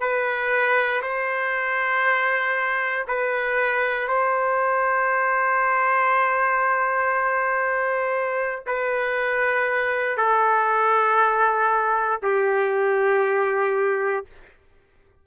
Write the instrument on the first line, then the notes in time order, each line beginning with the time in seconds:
trumpet
0.00 B4
1.02 C5
3.07 B4
4.08 C5
8.66 B4
10.17 A4
12.22 G4